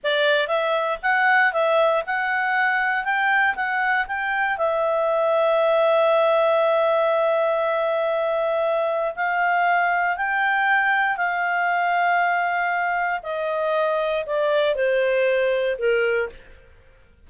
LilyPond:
\new Staff \with { instrumentName = "clarinet" } { \time 4/4 \tempo 4 = 118 d''4 e''4 fis''4 e''4 | fis''2 g''4 fis''4 | g''4 e''2.~ | e''1~ |
e''2 f''2 | g''2 f''2~ | f''2 dis''2 | d''4 c''2 ais'4 | }